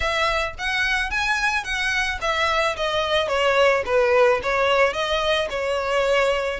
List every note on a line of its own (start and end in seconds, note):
0.00 0.54 E5
0.58 1.10 F#5
1.10 1.63 G#5
1.63 2.18 F#5
2.21 2.76 E5
2.76 3.28 D#5
3.28 3.83 C#5
3.85 4.40 B4
4.42 4.93 C#5
4.93 5.48 D#5
5.50 6.60 C#5